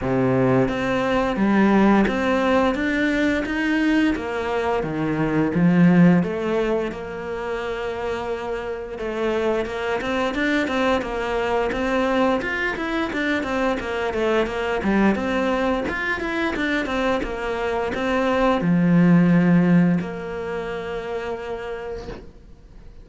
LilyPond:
\new Staff \with { instrumentName = "cello" } { \time 4/4 \tempo 4 = 87 c4 c'4 g4 c'4 | d'4 dis'4 ais4 dis4 | f4 a4 ais2~ | ais4 a4 ais8 c'8 d'8 c'8 |
ais4 c'4 f'8 e'8 d'8 c'8 | ais8 a8 ais8 g8 c'4 f'8 e'8 | d'8 c'8 ais4 c'4 f4~ | f4 ais2. | }